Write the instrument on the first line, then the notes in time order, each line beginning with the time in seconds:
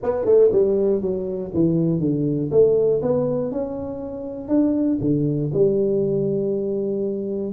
tuba
0.02 B3
0.25 A3
0.52 G3
1.01 F#3
1.54 E3
2.00 D3
2.51 A3
3.02 B3
3.51 C#4
4.48 D4
5.00 D3
5.53 G3